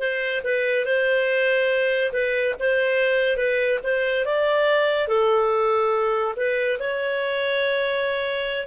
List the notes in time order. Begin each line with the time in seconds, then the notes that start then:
0.00 C5
0.44 B4
0.86 C5
2.13 B4
2.60 C5
3.37 B4
3.84 C5
4.26 D5
5.08 A4
6.36 B4
6.80 C#5